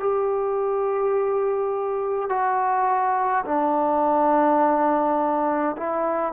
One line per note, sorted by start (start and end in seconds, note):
0.00 2.30 G4
2.30 3.45 F#4
3.46 5.77 D4
5.77 6.33 E4